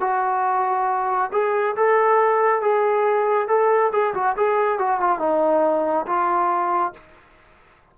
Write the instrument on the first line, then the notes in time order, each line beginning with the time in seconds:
trombone
0.00 F#4
1.32 G#4
1.76 A4
2.61 G#4
3.47 A4
3.92 G#4
4.14 F#4
4.36 G#4
4.78 F#4
5.00 F4
5.19 D#4
6.06 F4